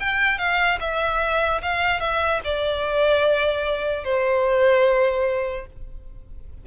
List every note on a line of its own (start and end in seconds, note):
0.00 0.39 G5
0.39 0.79 F5
0.81 1.62 E5
1.63 2.00 F5
2.00 2.41 E5
2.44 4.05 D5
4.05 5.67 C5